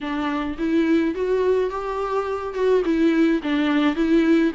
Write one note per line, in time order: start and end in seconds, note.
0.00 0.57 D4
0.58 1.14 E4
1.14 1.70 F#4
1.70 2.54 G4
2.54 2.82 F#4
2.84 3.41 E4
3.42 3.95 D4
3.95 4.52 E4